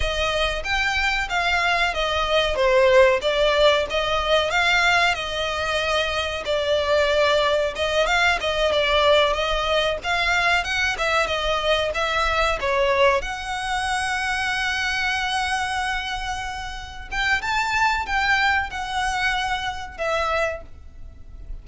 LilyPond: \new Staff \with { instrumentName = "violin" } { \time 4/4 \tempo 4 = 93 dis''4 g''4 f''4 dis''4 | c''4 d''4 dis''4 f''4 | dis''2 d''2 | dis''8 f''8 dis''8 d''4 dis''4 f''8~ |
f''8 fis''8 e''8 dis''4 e''4 cis''8~ | cis''8 fis''2.~ fis''8~ | fis''2~ fis''8 g''8 a''4 | g''4 fis''2 e''4 | }